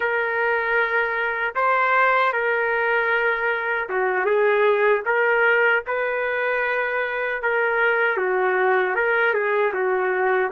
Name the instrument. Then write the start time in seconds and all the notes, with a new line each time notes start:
trumpet
0.00 A#4
1.55 C5
2.32 A#4
3.89 F#4
4.25 G#4
5.05 A#4
5.87 B4
7.42 A#4
8.17 F#4
8.95 A#4
9.34 G#4
9.73 F#4